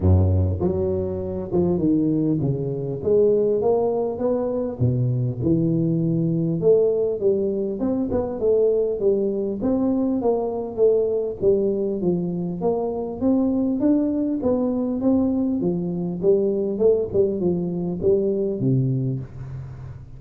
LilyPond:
\new Staff \with { instrumentName = "tuba" } { \time 4/4 \tempo 4 = 100 fis,4 fis4. f8 dis4 | cis4 gis4 ais4 b4 | b,4 e2 a4 | g4 c'8 b8 a4 g4 |
c'4 ais4 a4 g4 | f4 ais4 c'4 d'4 | b4 c'4 f4 g4 | a8 g8 f4 g4 c4 | }